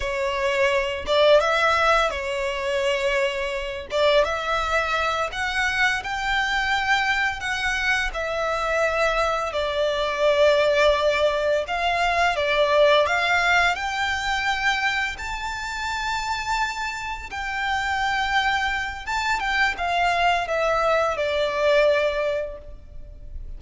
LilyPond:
\new Staff \with { instrumentName = "violin" } { \time 4/4 \tempo 4 = 85 cis''4. d''8 e''4 cis''4~ | cis''4. d''8 e''4. fis''8~ | fis''8 g''2 fis''4 e''8~ | e''4. d''2~ d''8~ |
d''8 f''4 d''4 f''4 g''8~ | g''4. a''2~ a''8~ | a''8 g''2~ g''8 a''8 g''8 | f''4 e''4 d''2 | }